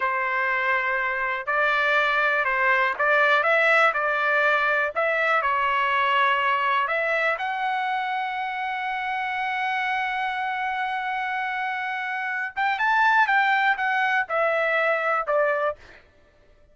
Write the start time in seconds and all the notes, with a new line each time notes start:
0.00 C5
1.46 D5
2.45 C5
2.98 D5
3.43 E5
3.93 D5
4.95 E5
5.42 C#5
6.87 E5
7.38 F#5
12.55 G5
12.78 A5
13.27 G5
13.77 F#5
14.29 E5
15.26 D5